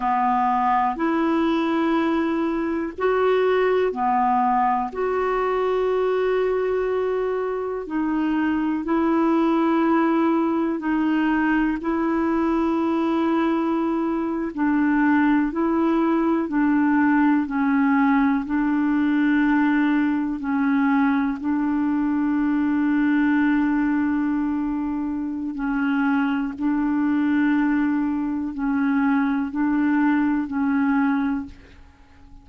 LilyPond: \new Staff \with { instrumentName = "clarinet" } { \time 4/4 \tempo 4 = 61 b4 e'2 fis'4 | b4 fis'2. | dis'4 e'2 dis'4 | e'2~ e'8. d'4 e'16~ |
e'8. d'4 cis'4 d'4~ d'16~ | d'8. cis'4 d'2~ d'16~ | d'2 cis'4 d'4~ | d'4 cis'4 d'4 cis'4 | }